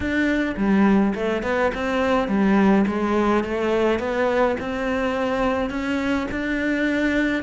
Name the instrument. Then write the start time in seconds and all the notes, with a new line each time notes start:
cello
0.00 D4
0.56 G3
1.14 A3
1.43 B3
1.74 C4
2.28 G3
2.86 G#3
3.43 A3
3.99 B3
4.59 C4
5.70 C#4
6.31 D4